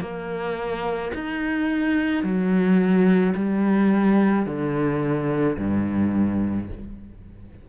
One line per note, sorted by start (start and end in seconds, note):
0.00 1.11 A#3
1.14 2.23 D#4
2.23 3.34 F#3
3.35 4.45 G3
4.45 5.57 D3
5.58 6.69 G2